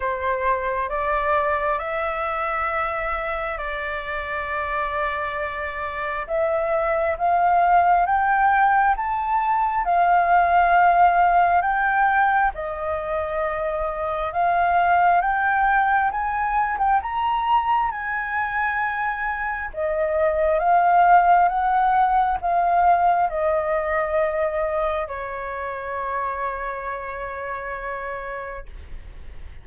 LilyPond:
\new Staff \with { instrumentName = "flute" } { \time 4/4 \tempo 4 = 67 c''4 d''4 e''2 | d''2. e''4 | f''4 g''4 a''4 f''4~ | f''4 g''4 dis''2 |
f''4 g''4 gis''8. g''16 ais''4 | gis''2 dis''4 f''4 | fis''4 f''4 dis''2 | cis''1 | }